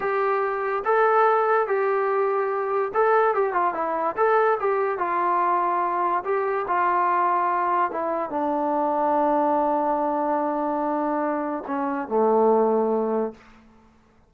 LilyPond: \new Staff \with { instrumentName = "trombone" } { \time 4/4 \tempo 4 = 144 g'2 a'2 | g'2. a'4 | g'8 f'8 e'4 a'4 g'4 | f'2. g'4 |
f'2. e'4 | d'1~ | d'1 | cis'4 a2. | }